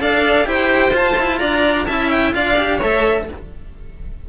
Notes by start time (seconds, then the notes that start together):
0.00 D4 A4 D5 F5
0.45 E4 G4 C5 G5
0.91 F4 A5
1.19 E4
1.39 D4 D5 A#5
1.86 C#4 E4 E5 A5
2.11 G5
2.33 D4 F4 D5 F5
2.57 G4
2.77 A3 A4 C#5 E5